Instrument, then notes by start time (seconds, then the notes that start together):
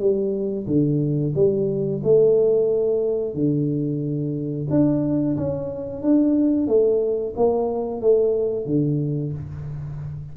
tuba
0.00 G3
0.67 D3
1.35 G3
2.04 A3
3.35 D3
4.70 D4
5.37 C#4
6.02 D4
6.68 A3
7.37 A#3
8.02 A3
8.66 D3